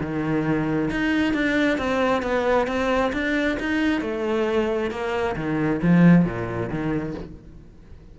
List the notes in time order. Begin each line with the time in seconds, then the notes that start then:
0.00 D#3
0.90 D#4
1.33 D4
1.77 C4
2.22 B3
2.67 C4
3.13 D4
3.59 D#4
4.01 A3
4.90 A#3
5.35 D#3
5.82 F3
6.24 A#2
6.69 D#3